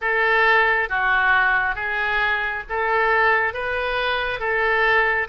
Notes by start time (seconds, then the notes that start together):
0.01 A4
0.89 F#4
1.75 G#4
2.69 A4
3.53 B4
4.39 A4